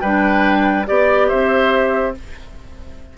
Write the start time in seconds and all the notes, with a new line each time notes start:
0.00 G3 D4 B4 G5
0.86 B3 G4 D5
1.28 C4 C5 E5